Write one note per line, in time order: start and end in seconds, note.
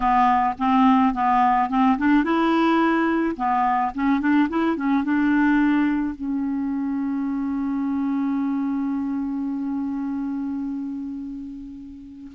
0.00 0.54 B3
0.58 1.13 C4
1.13 1.69 B3
1.69 1.97 C4
1.98 2.24 D4
2.24 3.36 E4
3.36 3.92 B3
3.94 4.20 C#4
4.20 4.48 D4
4.49 4.76 E4
4.76 5.03 C#4
5.03 6.15 D4
6.15 12.32 C#4